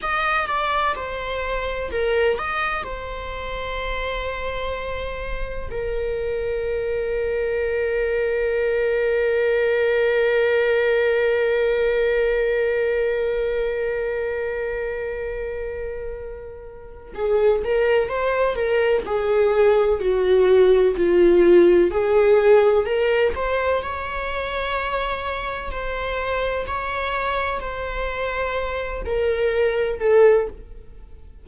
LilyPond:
\new Staff \with { instrumentName = "viola" } { \time 4/4 \tempo 4 = 63 dis''8 d''8 c''4 ais'8 dis''8 c''4~ | c''2 ais'2~ | ais'1~ | ais'1~ |
ais'2 gis'8 ais'8 c''8 ais'8 | gis'4 fis'4 f'4 gis'4 | ais'8 c''8 cis''2 c''4 | cis''4 c''4. ais'4 a'8 | }